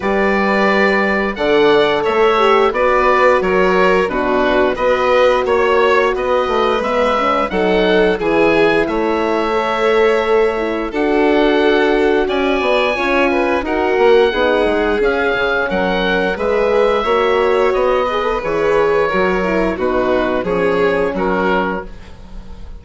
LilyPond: <<
  \new Staff \with { instrumentName = "oboe" } { \time 4/4 \tempo 4 = 88 d''2 fis''4 e''4 | d''4 cis''4 b'4 dis''4 | cis''4 dis''4 e''4 fis''4 | gis''4 e''2. |
fis''2 gis''2 | fis''2 f''4 fis''4 | e''2 dis''4 cis''4~ | cis''4 b'4 cis''4 ais'4 | }
  \new Staff \with { instrumentName = "violin" } { \time 4/4 b'2 d''4 cis''4 | b'4 ais'4 fis'4 b'4 | cis''4 b'2 a'4 | gis'4 cis''2. |
a'2 d''4 cis''8 b'8 | ais'4 gis'2 ais'4 | b'4 cis''4. b'4. | ais'4 fis'4 gis'4 fis'4 | }
  \new Staff \with { instrumentName = "horn" } { \time 4/4 g'2 a'4. g'8 | fis'2 d'4 fis'4~ | fis'2 b8 cis'8 dis'4 | e'2 a'4. e'8 |
fis'2. f'4 | fis'4 dis'4 cis'2 | gis'4 fis'4. gis'16 a'16 gis'4 | fis'8 e'8 dis'4 cis'2 | }
  \new Staff \with { instrumentName = "bassoon" } { \time 4/4 g2 d4 a4 | b4 fis4 b,4 b4 | ais4 b8 a8 gis4 fis4 | e4 a2. |
d'2 cis'8 b8 cis'4 | dis'8 ais8 b8 gis8 cis'8 cis8 fis4 | gis4 ais4 b4 e4 | fis4 b,4 f4 fis4 | }
>>